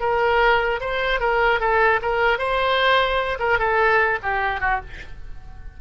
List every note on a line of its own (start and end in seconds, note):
0.00 0.80 A#4
0.80 1.20 C5
1.20 1.60 A#4
1.60 2.00 A4
2.02 2.38 A#4
2.38 3.38 C5
3.39 3.59 A#4
3.59 4.19 A4
4.23 4.60 G4
4.60 4.80 F#4